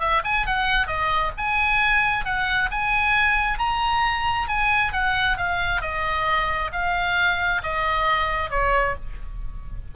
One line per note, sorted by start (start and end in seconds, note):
0.00 0.22 E5
0.24 0.46 G#5
0.46 0.87 F#5
0.87 1.32 D#5
1.37 2.25 G#5
2.25 2.70 F#5
2.71 3.59 G#5
3.59 4.48 A#5
4.49 4.93 G#5
4.93 5.37 F#5
5.37 5.82 F5
5.82 6.71 D#5
6.72 7.62 F5
7.63 8.50 D#5
8.50 8.95 C#5